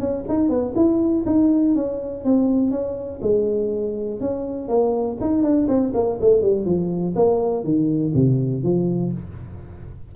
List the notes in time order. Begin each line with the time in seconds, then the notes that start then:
0.00 C#4
0.29 D#4
0.49 B3
0.76 E4
1.26 D#4
1.75 C#4
2.25 C4
2.71 C#4
3.22 G#3
4.20 C#4
4.69 A#3
5.21 D#4
5.43 D4
5.68 C4
5.94 A#3
6.21 A3
6.42 G3
6.65 F3
7.16 A#3
7.64 D#3
8.15 C3
8.63 F3